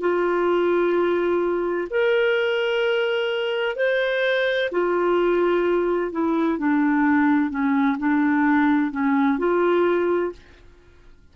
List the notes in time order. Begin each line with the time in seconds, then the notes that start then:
0.00 F4
1.90 A#4
3.76 C5
4.71 F4
6.12 E4
6.58 D4
7.50 C#4
7.98 D4
8.91 C#4
9.38 F4